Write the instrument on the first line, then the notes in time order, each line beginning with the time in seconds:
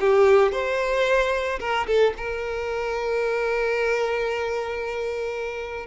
violin
0.00 G4
0.52 C5
1.60 A#4
1.87 A4
2.17 A#4